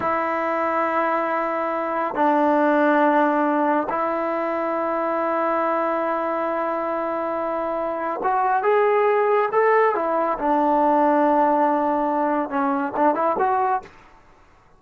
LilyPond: \new Staff \with { instrumentName = "trombone" } { \time 4/4 \tempo 4 = 139 e'1~ | e'4 d'2.~ | d'4 e'2.~ | e'1~ |
e'2. fis'4 | gis'2 a'4 e'4 | d'1~ | d'4 cis'4 d'8 e'8 fis'4 | }